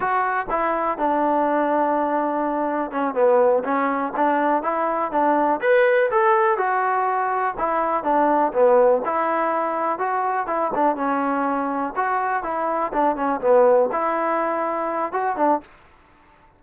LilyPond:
\new Staff \with { instrumentName = "trombone" } { \time 4/4 \tempo 4 = 123 fis'4 e'4 d'2~ | d'2 cis'8 b4 cis'8~ | cis'8 d'4 e'4 d'4 b'8~ | b'8 a'4 fis'2 e'8~ |
e'8 d'4 b4 e'4.~ | e'8 fis'4 e'8 d'8 cis'4.~ | cis'8 fis'4 e'4 d'8 cis'8 b8~ | b8 e'2~ e'8 fis'8 d'8 | }